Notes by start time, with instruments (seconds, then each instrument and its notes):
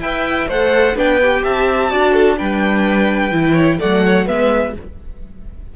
0.00 cello E4, viola B4, violin E5 G5
0.48 cello A3, viola A4, violin C5 F#5
0.96 cello B3, viola D4, violin B4 G5
1.22 viola G4
1.44 cello C4, violin E5 A5
1.90 cello D4, viola F#4, violin D5
2.13 violin A4
2.37 cello G3, viola D4, violin B4 G5
3.31 cello E3, viola E4
3.53 violin C#5
3.79 cello F#3, viola A3, violin D5 F#5
4.06 violin C#5
4.26 cello G#3, viola B3, violin B4 E5